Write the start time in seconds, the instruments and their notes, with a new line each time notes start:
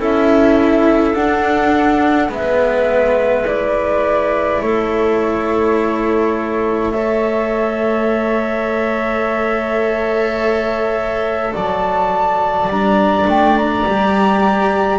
0.00 double bass C#4, cello E4, clarinet A4, flute E5
1.14 cello D4, double bass D4, flute F#5
2.29 double bass G#3, cello B3, clarinet B4, flute E5
3.47 cello E4, flute D5
4.61 double bass A3, clarinet A4, flute C#5
6.92 cello A4, clarinet C#5, flute E5
11.54 double bass F#3, clarinet D5, flute A5
12.68 double bass G3, cello D4, flute A#5
13.27 double bass A3, flute G5
13.58 flute A#5
13.86 double bass G3, cello G4